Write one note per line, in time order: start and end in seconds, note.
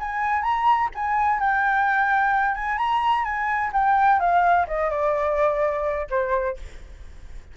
0.00 0.43 G#5
0.43 0.89 A#5
0.95 1.40 G#5
1.40 2.55 G5
2.55 2.78 G#5
2.78 3.25 A#5
3.25 3.72 G#5
3.73 4.20 G5
4.20 4.67 F5
4.67 4.90 D#5
4.90 6.07 D5
6.10 6.57 C5